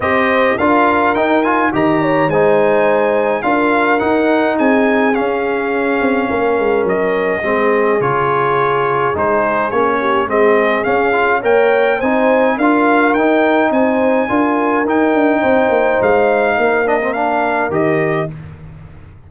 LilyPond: <<
  \new Staff \with { instrumentName = "trumpet" } { \time 4/4 \tempo 4 = 105 dis''4 f''4 g''8 gis''8 ais''4 | gis''2 f''4 fis''4 | gis''4 f''2. | dis''2 cis''2 |
c''4 cis''4 dis''4 f''4 | g''4 gis''4 f''4 g''4 | gis''2 g''2 | f''4. dis''8 f''4 dis''4 | }
  \new Staff \with { instrumentName = "horn" } { \time 4/4 c''4 ais'2 dis''8 cis''8 | c''2 ais'2 | gis'2. ais'4~ | ais'4 gis'2.~ |
gis'4. g'8 gis'2 | cis''4 c''4 ais'2 | c''4 ais'2 c''4~ | c''4 ais'2. | }
  \new Staff \with { instrumentName = "trombone" } { \time 4/4 g'4 f'4 dis'8 f'8 g'4 | dis'2 f'4 dis'4~ | dis'4 cis'2.~ | cis'4 c'4 f'2 |
dis'4 cis'4 c'4 cis'8 f'8 | ais'4 dis'4 f'4 dis'4~ | dis'4 f'4 dis'2~ | dis'4. d'16 c'16 d'4 g'4 | }
  \new Staff \with { instrumentName = "tuba" } { \time 4/4 c'4 d'4 dis'4 dis4 | gis2 d'4 dis'4 | c'4 cis'4. c'8 ais8 gis8 | fis4 gis4 cis2 |
gis4 ais4 gis4 cis'4 | ais4 c'4 d'4 dis'4 | c'4 d'4 dis'8 d'8 c'8 ais8 | gis4 ais2 dis4 | }
>>